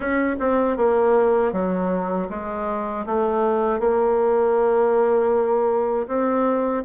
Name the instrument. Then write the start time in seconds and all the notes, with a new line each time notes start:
bassoon
0.00 C#4
0.39 C4
0.77 A#3
1.52 F#3
2.29 G#3
3.06 A3
3.79 A#3
6.07 C4